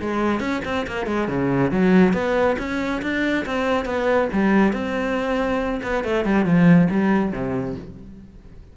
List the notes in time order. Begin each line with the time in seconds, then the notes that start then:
0.00 G#3
0.40 C#4
0.65 C4
0.87 A#3
1.06 G#3
1.28 C#3
1.71 F#3
2.13 B3
2.58 C#4
3.02 D4
3.46 C4
3.85 B3
4.33 G3
4.72 C4
5.83 B3
6.04 A3
6.25 G3
6.45 F3
6.90 G3
7.32 C3